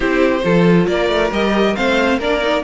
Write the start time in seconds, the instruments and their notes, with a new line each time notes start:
0.00 cello C4, viola E4, violin G4 C5
0.42 cello F3, viola F4, violin A4
0.86 cello A#3, violin A#4 D5
1.08 cello A3
1.31 cello G3, viola G4, violin D#5
1.75 cello A3, viola C4, violin C5 F5
2.18 cello A#3, viola D4, violin A#4 D5
2.41 viola D#4